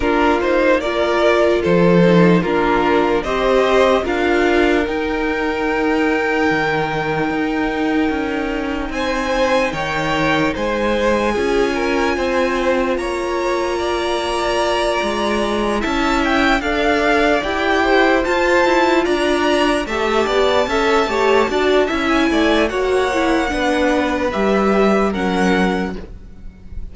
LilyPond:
<<
  \new Staff \with { instrumentName = "violin" } { \time 4/4 \tempo 4 = 74 ais'8 c''8 d''4 c''4 ais'4 | dis''4 f''4 g''2~ | g''2. gis''4 | g''4 gis''2. |
ais''2.~ ais''8 a''8 | g''8 f''4 g''4 a''4 ais''8~ | ais''8 a''2~ a''8. gis''8. | fis''2 e''4 fis''4 | }
  \new Staff \with { instrumentName = "violin" } { \time 4/4 f'4 ais'4 a'4 f'4 | c''4 ais'2.~ | ais'2. c''4 | cis''4 c''4 gis'8 ais'8 c''4 |
cis''4 d''2~ d''8 e''8~ | e''8 d''4. c''4. d''8~ | d''8 e''8 d''8 e''8 cis''8 d''8 e''8 d''8 | cis''4 b'2 ais'4 | }
  \new Staff \with { instrumentName = "viola" } { \time 4/4 d'8 dis'8 f'4. dis'8 d'4 | g'4 f'4 dis'2~ | dis'1~ | dis'2 f'2~ |
f'2.~ f'8 e'8~ | e'8 a'4 g'4 f'4.~ | f'8 g'4 a'8 g'8 fis'8 e'4 | fis'8 e'8 d'4 g'4 cis'4 | }
  \new Staff \with { instrumentName = "cello" } { \time 4/4 ais2 f4 ais4 | c'4 d'4 dis'2 | dis4 dis'4 cis'4 c'4 | dis4 gis4 cis'4 c'4 |
ais2~ ais8 gis4 cis'8~ | cis'8 d'4 e'4 f'8 e'8 d'8~ | d'8 a8 b8 cis'8 a8 d'8 cis'8 a8 | ais4 b4 g4 fis4 | }
>>